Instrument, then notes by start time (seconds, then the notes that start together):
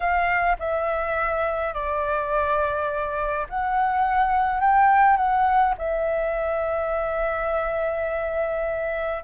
flute
0.00 F5
0.59 E5
1.73 D5
3.49 F#5
4.60 G5
5.16 F#5
5.77 E5